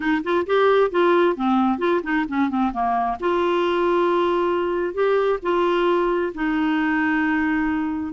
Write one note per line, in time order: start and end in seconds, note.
0.00 0.22 D#4
0.23 0.46 F4
0.46 0.90 G4
0.90 1.36 F4
1.36 1.78 C4
1.78 2.01 F4
2.03 2.25 D#4
2.28 2.49 C#4
2.49 2.72 C4
2.72 3.17 A#3
3.20 4.94 F4
4.94 5.39 G4
5.42 6.32 F4
6.34 8.13 D#4